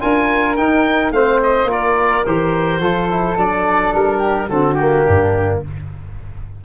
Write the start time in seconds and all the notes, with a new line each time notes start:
0.00 D4 F4 A#4 G#5
0.56 D#4 G5
1.11 A3 C4 C5 F5
1.43 D#5
1.64 A#3 F4 A#4
1.71 D5
2.26 E3 G4 C5
2.79 F3 F4 A4
3.10 E4
3.36 F#3 D4 D5
3.94 G3 A#4
4.18 G4
4.48 D3 C4 F#4 A4
4.74 G4
4.80 A#3
5.04 G2 D4